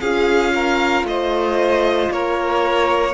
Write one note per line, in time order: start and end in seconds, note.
0.00 1.04 C#4
0.00 3.14 F4
0.00 0.53 G#4
0.00 1.05 F5
0.54 1.07 A#4
1.04 2.09 A3
1.04 2.13 C5
1.04 2.11 D#5
2.11 3.14 A#3
2.11 3.14 A#4
2.11 3.14 C#5